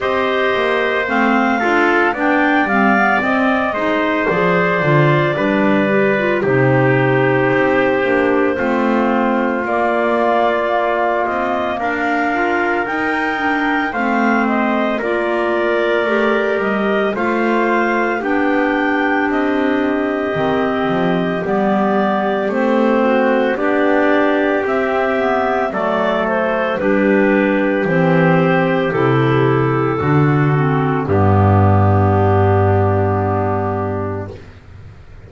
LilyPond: <<
  \new Staff \with { instrumentName = "clarinet" } { \time 4/4 \tempo 4 = 56 dis''4 f''4 g''8 f''8 dis''4 | d''2 c''2~ | c''4 d''4. dis''8 f''4 | g''4 f''8 dis''8 d''4. dis''8 |
f''4 g''4 dis''2 | d''4 c''4 d''4 e''4 | d''8 c''8 b'4 c''4 a'4~ | a'4 g'2. | }
  \new Staff \with { instrumentName = "trumpet" } { \time 4/4 c''4. a'8 d''4. c''8~ | c''4 b'4 g'2 | f'2. ais'4~ | ais'4 c''4 ais'2 |
c''4 g'2.~ | g'4. fis'8 g'2 | a'4 g'2. | fis'4 d'2. | }
  \new Staff \with { instrumentName = "clarinet" } { \time 4/4 g'4 c'8 f'8 d'8 c'16 b16 c'8 dis'8 | gis'8 f'8 d'8 g'16 f'16 dis'4. d'8 | c'4 ais2~ ais8 f'8 | dis'8 d'8 c'4 f'4 g'4 |
f'4 d'2 c'4 | b4 c'4 d'4 c'8 b8 | a4 d'4 c'4 e'4 | d'8 c'8 b2. | }
  \new Staff \with { instrumentName = "double bass" } { \time 4/4 c'8 ais8 a8 d'8 b8 g8 c'8 gis8 | f8 d8 g4 c4 c'8 ais8 | a4 ais4. c'8 d'4 | dis'4 a4 ais4 a8 g8 |
a4 b4 c'4 dis8 f8 | g4 a4 b4 c'4 | fis4 g4 e4 c4 | d4 g,2. | }
>>